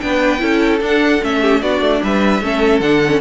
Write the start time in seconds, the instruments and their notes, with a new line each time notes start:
0.00 cello B3, viola D4, violin B4 G5
0.39 cello C#4, viola E4, violin A4
0.81 cello D4, viola D4, violin F#5
1.22 cello A3, viola C#4, violin E5
1.40 violin G4
1.61 cello B3, viola D4, violin F#4 D5
1.81 cello A3
2.03 cello G3, violin B4 E5
2.41 cello A3, viola C#4, violin A4
2.80 cello D3, viola D4, violin F#5
3.05 viola C#4